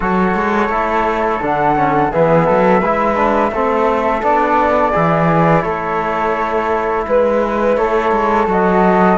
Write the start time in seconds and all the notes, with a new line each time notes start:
0.00 F#3 F#4 A4 C#5
0.35 G#3
0.68 A3 E4
1.42 D3 D4 F#5
1.76 C#4
2.11 E3 B3 G#4 E5
2.46 F#3 A4
2.80 G#3 E4 B4
3.15 D4
3.51 A3 C4 A4
4.21 B3 D4 D5
4.91 E3 E4 G#4
5.62 A3 A4 C#5
7.07 G#3 B4
7.76 A3 A4 C#5
8.11 G#3
8.47 F#3 F#4 D#5